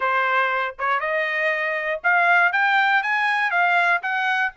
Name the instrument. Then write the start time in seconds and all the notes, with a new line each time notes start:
trumpet
0.00 C5
0.78 C#5
0.99 D#5
2.03 F5
2.52 G5
3.02 G#5
3.50 F5
4.02 F#5